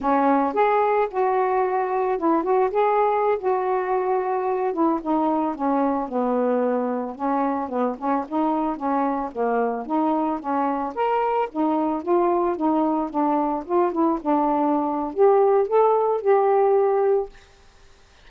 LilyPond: \new Staff \with { instrumentName = "saxophone" } { \time 4/4 \tempo 4 = 111 cis'4 gis'4 fis'2 | e'8 fis'8 gis'4~ gis'16 fis'4.~ fis'16~ | fis'8. e'8 dis'4 cis'4 b8.~ | b4~ b16 cis'4 b8 cis'8 dis'8.~ |
dis'16 cis'4 ais4 dis'4 cis'8.~ | cis'16 ais'4 dis'4 f'4 dis'8.~ | dis'16 d'4 f'8 e'8 d'4.~ d'16 | g'4 a'4 g'2 | }